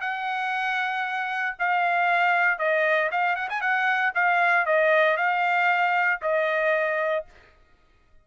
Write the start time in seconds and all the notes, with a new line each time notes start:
0.00 F#5
1.58 F5
2.58 D#5
3.11 F5
3.35 F#5
3.49 G#5
3.60 F#5
4.14 F5
4.66 D#5
5.17 F5
6.22 D#5